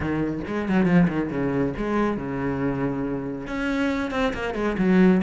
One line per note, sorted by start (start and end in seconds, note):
0.00 0.39 D#3
0.47 0.68 G#3
0.68 0.85 F#3
0.85 1.07 F3
1.08 1.29 D#3
1.30 1.73 C#3
1.77 2.17 G#3
2.17 3.47 C#3
3.47 4.10 C#4
4.10 4.32 C4
4.33 4.54 A#3
4.54 4.76 G#3
4.77 5.21 F#3